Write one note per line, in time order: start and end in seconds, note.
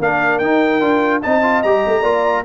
0.00 0.41 A#3
0.00 0.43 D4
0.00 1.24 A#4
0.00 0.39 F5
0.39 0.81 D#4
0.39 1.21 G5
0.81 1.22 D4
0.81 1.22 F4
1.23 1.64 C4
1.23 1.43 D#4
1.23 2.02 D#5
1.23 1.63 A5
1.43 1.64 F4
1.63 1.85 G3
1.63 2.04 G4
1.63 2.45 A#5
1.86 2.03 A3
2.02 2.44 A#3
2.02 2.45 F4
2.02 2.43 D5